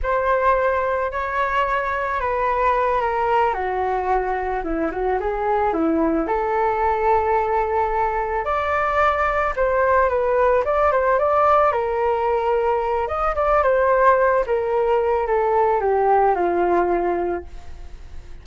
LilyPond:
\new Staff \with { instrumentName = "flute" } { \time 4/4 \tempo 4 = 110 c''2 cis''2 | b'4. ais'4 fis'4.~ | fis'8 e'8 fis'8 gis'4 e'4 a'8~ | a'2.~ a'8 d''8~ |
d''4. c''4 b'4 d''8 | c''8 d''4 ais'2~ ais'8 | dis''8 d''8 c''4. ais'4. | a'4 g'4 f'2 | }